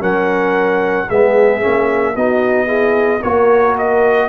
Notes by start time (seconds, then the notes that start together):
0.00 F#3 C#4 A#4 F#5
1.07 G#3 B3 G#4 E5
1.61 A#3 C#4
2.15 B3 D#4 F#4 D#5
2.67 E4 G#4
3.23 A#3 F#4 A#4 C#5
3.78 D#5